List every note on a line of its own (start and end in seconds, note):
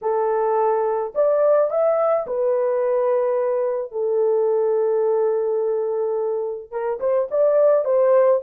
0.01 1.13 A4
1.14 1.70 D5
1.70 2.26 E5
2.26 3.91 B4
3.91 6.71 A4
6.71 6.99 A#4
7.00 7.28 C5
7.30 7.85 D5
7.85 8.41 C5